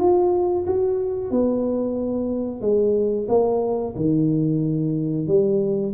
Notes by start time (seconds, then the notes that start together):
0.00 F4
0.67 F#4
1.31 B3
2.62 G#3
3.28 A#3
3.97 D#3
5.28 G3